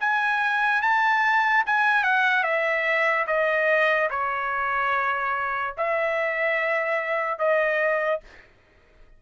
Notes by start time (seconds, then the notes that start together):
0.00 G#5
0.81 A5
1.66 G#5
2.03 F#5
2.43 E5
3.27 D#5
4.10 C#5
5.77 E5
7.38 D#5